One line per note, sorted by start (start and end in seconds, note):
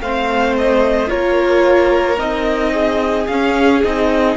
0.00 1.09 A3
0.00 1.07 C4
0.00 1.08 C5
0.00 0.55 F5
0.57 1.09 D#5
1.07 2.18 A#3
1.07 2.16 F4
1.07 2.72 A#4
1.07 2.18 C#5
2.17 3.27 C4
2.17 3.26 D#4
2.17 3.27 D#5
2.72 4.36 G#4
3.27 3.83 C#4
3.27 3.81 F5
3.83 4.36 C4
3.83 4.36 D#4
3.83 4.36 D#5